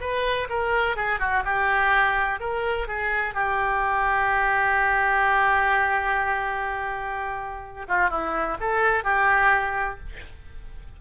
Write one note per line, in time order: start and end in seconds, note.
0.00 0.48 B4
0.49 0.96 A#4
0.96 1.19 G#4
1.19 1.43 F#4
1.44 2.40 G4
2.40 2.87 A#4
2.87 3.34 G#4
3.34 7.87 G4
7.88 8.10 F4
8.10 8.57 E4
8.60 9.03 A4
9.03 9.99 G4